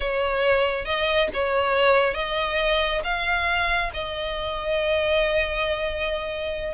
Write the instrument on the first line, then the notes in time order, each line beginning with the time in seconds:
violin
0.00 C#5
0.85 D#5
1.33 C#5
2.14 D#5
3.04 F5
3.93 D#5